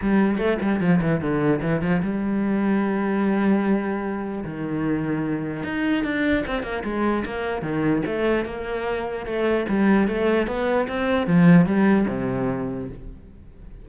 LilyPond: \new Staff \with { instrumentName = "cello" } { \time 4/4 \tempo 4 = 149 g4 a8 g8 f8 e8 d4 | e8 f8 g2.~ | g2. dis4~ | dis2 dis'4 d'4 |
c'8 ais8 gis4 ais4 dis4 | a4 ais2 a4 | g4 a4 b4 c'4 | f4 g4 c2 | }